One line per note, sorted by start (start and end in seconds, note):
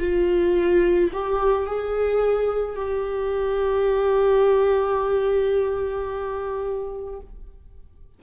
0.00 1.11 F4
1.13 1.67 G4
1.67 2.76 G#4
2.76 7.20 G4